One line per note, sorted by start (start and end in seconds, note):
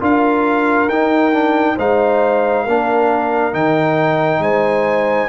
0.00 0.89 D4
0.00 0.88 F4
0.00 1.75 A#4
0.00 0.89 F5
0.89 1.77 D#4
0.89 1.33 D#4
0.89 1.77 G5
1.33 1.77 D4
1.75 2.66 G#3
1.75 2.67 D#4
1.75 2.64 C5
1.75 3.54 F5
2.64 3.53 A#3
2.64 3.52 D4
2.64 4.40 A#4
3.52 4.39 D#3
3.52 5.28 D#4
3.52 4.42 G5
4.39 5.28 G#3
4.39 5.28 C5
4.39 5.28 G#5